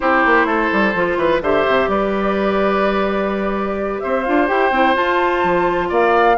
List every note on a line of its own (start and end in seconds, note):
0.00 0.24 C4
0.00 0.94 E4
0.00 0.46 G4
0.00 1.41 C5
0.25 0.45 A#3
0.45 0.69 A3
0.45 1.17 A4
0.72 0.94 G3
0.94 1.17 F3
0.94 1.42 F4
1.17 1.40 E3
1.17 1.42 B4
1.41 1.64 D3
1.41 4.25 G4
1.41 1.89 C5
1.41 1.89 E5
1.67 1.87 C3
1.87 4.00 G3
1.87 4.02 B4
1.87 4.00 D5
4.00 4.27 C4
4.00 5.89 C5
4.00 4.23 E5
4.23 4.50 D4
4.23 4.47 F4
4.23 4.46 F5
4.47 4.71 E4
4.47 4.70 G4
4.47 4.95 G5
4.71 4.94 C4
4.71 4.94 E4
4.94 6.36 F4
4.94 5.43 F4
4.94 5.90 A5
5.43 5.90 F3
5.89 6.37 A#3
5.89 6.36 D5
5.89 6.37 F5